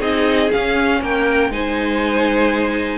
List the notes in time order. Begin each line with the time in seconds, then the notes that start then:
0.00 C4 D#4 G#4 D#5
0.52 C#4 F5
1.02 A#3 A#4 G5
1.50 G#3 D#4 C5 G#5